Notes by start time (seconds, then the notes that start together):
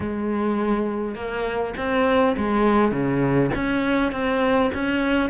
0.00 G#3
1.15 A#3
1.77 C4
2.37 G#3
2.91 C#3
3.54 C#4
4.11 C4
4.74 C#4